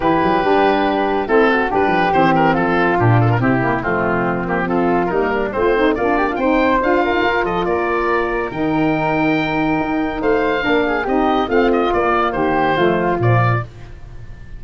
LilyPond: <<
  \new Staff \with { instrumentName = "oboe" } { \time 4/4 \tempo 4 = 141 b'2. a'4 | b'4 c''8 ais'8 a'4 g'8 a'16 ais'16 | g'4 f'4. g'8 a'4 | ais'4 c''4 d''4 g''4 |
f''4. dis''8 d''2 | g''1 | f''2 dis''4 f''8 dis''8 | d''4 c''2 d''4 | }
  \new Staff \with { instrumentName = "flute" } { \time 4/4 g'2. e'8 fis'8 | g'2 f'2 | e'4 c'2 f'4 | dis'8 d'8 c'4 f'8 g'16 f'16 c''4~ |
c''8 ais'4 a'8 ais'2~ | ais'1 | c''4 ais'8 gis'8 g'4 f'4~ | f'4 g'4 f'2 | }
  \new Staff \with { instrumentName = "saxophone" } { \time 4/4 e'4 d'2 c'4 | d'4 c'2 d'4 | c'8 ais8 a4. ais8 c'4 | ais4 f'8 dis'8 d'4 dis'4 |
f'1 | dis'1~ | dis'4 d'4 dis'4 c'4 | ais2 a4 f4 | }
  \new Staff \with { instrumentName = "tuba" } { \time 4/4 e8 fis8 g2 a4 | g8 f8 e4 f4 ais,4 | c4 f2. | g4 a4 ais4 c'4 |
d'8. dis'16 f'8 f8 ais2 | dis2. dis'4 | a4 ais4 c'4 a4 | ais4 dis4 f4 ais,4 | }
>>